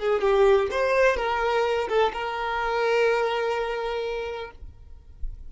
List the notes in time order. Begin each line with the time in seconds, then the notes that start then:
0.00 G#4
0.21 G4
0.72 C5
1.17 A#4
1.89 A4
2.13 A#4